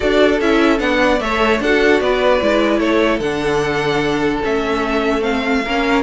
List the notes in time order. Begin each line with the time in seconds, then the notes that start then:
0.00 D4 F#4 A4 D5
0.40 C#4 E4 E5
0.78 B3 D4 F#5
1.04 D5
1.20 A3 A4 C#5 E5
1.60 D4 F#4 A4 F#5
2.00 B3 B4 D5
2.41 G#3 E4
2.79 A3 A4 C#5
3.19 D3 D4 F#5
4.42 A3 C#4 E5
5.20 C4 F5
5.64 A#3 C#4 A#4